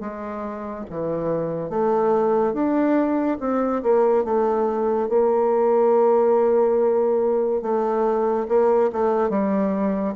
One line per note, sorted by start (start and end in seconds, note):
0.00 0.85 G#3
0.90 1.69 E3
1.69 2.53 A3
2.53 3.38 D4
3.40 3.82 C4
3.83 4.24 A#3
4.24 5.09 A3
5.09 7.62 A#3
7.62 8.47 A3
8.48 8.90 A#3
8.92 9.30 A3
9.30 10.14 G3